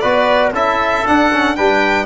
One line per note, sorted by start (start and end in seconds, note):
0.00 0.53 B3
0.00 0.54 F#4
0.00 0.52 B4
0.00 0.51 D5
0.53 1.04 C#4
0.53 1.05 E4
0.53 1.56 A4
0.53 1.07 E5
1.05 1.31 D4
1.05 1.58 D4
1.05 1.56 F#5
1.33 1.57 C#4
1.56 2.06 G3
1.56 2.06 D4
1.56 2.06 B4
1.56 2.06 G5